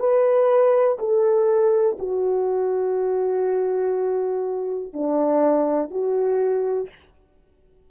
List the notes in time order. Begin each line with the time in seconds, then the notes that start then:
0.00 B4
0.99 A4
1.99 F#4
4.94 D4
5.91 F#4